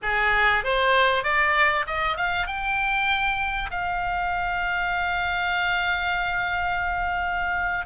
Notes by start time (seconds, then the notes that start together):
0.02 G#4
0.64 C5
1.23 D5
1.87 D#5
2.16 F5
2.46 G5
3.70 F5